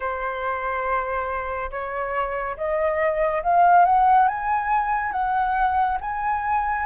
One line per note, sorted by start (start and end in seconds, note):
0.00 1.70 C5
1.70 2.56 C#5
2.56 3.42 D#5
3.42 3.85 F5
3.85 4.27 F#5
4.27 5.12 G#5
5.12 5.98 F#5
6.00 6.86 G#5